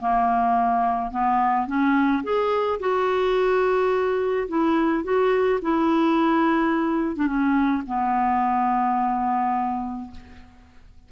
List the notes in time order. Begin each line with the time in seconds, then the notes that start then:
0.00 A#3
1.11 B3
1.67 C#4
2.24 G#4
2.80 F#4
4.48 E4
5.04 F#4
5.62 E4
7.16 D4
7.27 C#4
7.87 B3